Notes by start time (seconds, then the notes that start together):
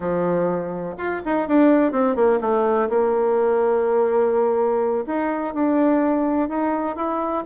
0.00 F3
0.97 F4
1.25 D#4
1.47 D4
1.92 C4
2.15 A#3
2.40 A3
2.89 A#3
5.06 D#4
5.54 D4
6.48 D#4
6.96 E4